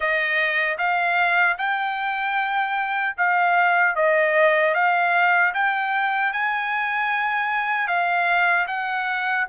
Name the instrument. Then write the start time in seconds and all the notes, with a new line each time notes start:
trumpet
0.00 D#5
0.78 F5
1.58 G5
3.17 F5
3.95 D#5
4.74 F5
5.53 G5
6.33 G#5
7.87 F5
8.67 F#5